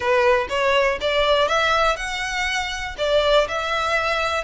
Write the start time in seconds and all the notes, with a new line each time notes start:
0.00 B4
0.49 C#5
1.00 D5
1.48 E5
1.96 F#5
2.98 D5
3.48 E5